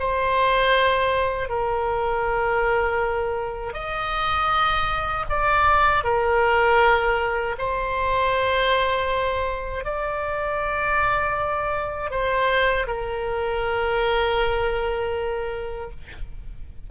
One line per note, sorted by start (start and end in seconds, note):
0.00 1.49 C5
1.49 3.74 A#4
3.74 5.26 D#5
5.30 6.04 D5
6.04 7.56 A#4
7.58 9.85 C5
9.85 12.11 D5
12.11 12.87 C5
12.87 15.91 A#4